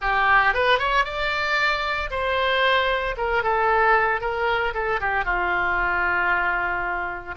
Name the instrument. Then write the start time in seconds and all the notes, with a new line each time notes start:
oboe
0.01 G4
0.54 B4
0.78 C#5
1.05 D5
2.10 C5
3.17 A#4
3.43 A4
4.21 A#4
4.73 A4
5.00 G4
5.24 F4